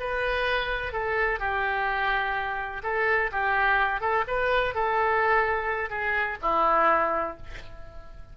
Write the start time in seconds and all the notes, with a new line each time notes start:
0.00 B4
0.93 A4
1.39 G4
2.83 A4
3.32 G4
4.01 A4
4.27 B4
4.75 A4
5.90 G#4
6.42 E4